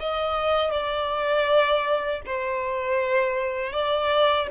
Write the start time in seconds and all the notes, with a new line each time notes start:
0.00 D#5
0.72 D5
2.26 C5
3.73 D5